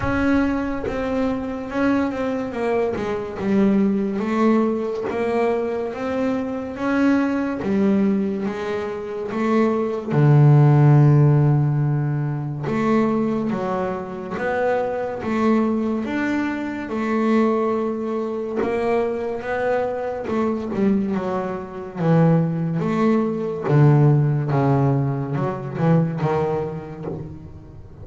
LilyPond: \new Staff \with { instrumentName = "double bass" } { \time 4/4 \tempo 4 = 71 cis'4 c'4 cis'8 c'8 ais8 gis8 | g4 a4 ais4 c'4 | cis'4 g4 gis4 a4 | d2. a4 |
fis4 b4 a4 d'4 | a2 ais4 b4 | a8 g8 fis4 e4 a4 | d4 cis4 fis8 e8 dis4 | }